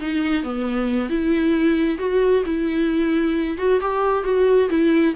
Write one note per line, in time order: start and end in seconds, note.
0.00 0.43 D#4
0.43 1.09 B3
1.09 1.98 E4
1.98 2.43 F#4
2.45 3.58 E4
3.58 3.80 F#4
3.81 4.24 G4
4.24 4.69 F#4
4.69 5.14 E4